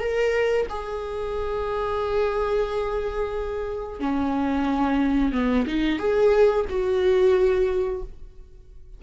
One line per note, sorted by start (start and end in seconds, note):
0.00 0.67 A#4
0.70 4.00 G#4
4.00 5.32 C#4
5.32 5.66 B3
5.67 5.99 D#4
5.99 6.66 G#4
6.69 8.03 F#4